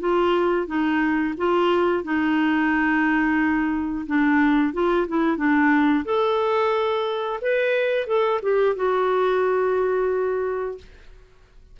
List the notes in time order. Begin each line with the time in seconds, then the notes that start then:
0.00 F4
0.67 D#4
1.38 F4
2.04 D#4
4.07 D4
4.73 F4
5.07 E4
5.37 D4
6.05 A4
7.42 B4
8.07 A4
8.42 G4
8.75 F#4